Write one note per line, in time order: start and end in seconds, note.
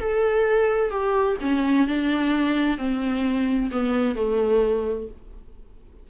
0.00 0.91 A4
0.91 1.37 G4
1.41 1.88 C#4
1.88 2.78 D4
2.78 3.70 C4
3.71 4.16 B3
4.16 5.08 A3